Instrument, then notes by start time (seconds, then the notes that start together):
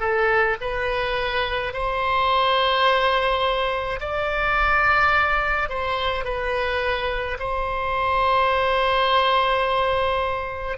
oboe
0.00 A4
0.61 B4
1.73 C5
4.00 D5
5.70 C5
6.25 B4
7.39 C5